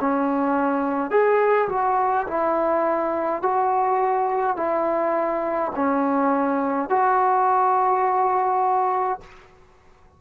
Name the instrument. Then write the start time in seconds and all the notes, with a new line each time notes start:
trombone
0.00 C#4
1.10 G#4
1.68 F#4
2.27 E4
3.42 F#4
4.56 E4
5.75 C#4
6.89 F#4